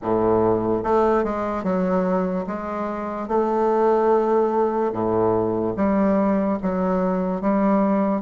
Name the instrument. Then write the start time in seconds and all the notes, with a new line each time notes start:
bassoon
0.01 A2
0.83 A3
1.23 G#3
1.63 F#3
2.47 G#3
3.28 A3
4.92 A2
5.76 G3
6.62 F#3
7.41 G3